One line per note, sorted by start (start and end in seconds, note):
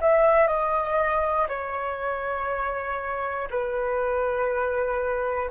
0.00 0.47 E5
0.47 1.47 D#5
1.48 3.48 C#5
3.50 5.50 B4